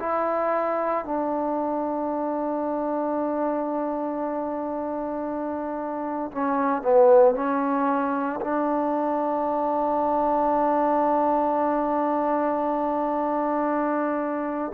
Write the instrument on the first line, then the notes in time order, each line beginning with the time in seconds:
trombone
0.00 E4
1.05 D4
6.32 C#4
6.82 B3
7.35 C#4
8.41 D4